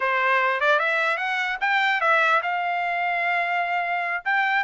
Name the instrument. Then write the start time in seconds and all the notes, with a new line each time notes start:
trumpet
0.00 C5
0.60 D5
0.79 E5
1.17 F#5
1.60 G5
2.00 E5
2.42 F5
4.24 G5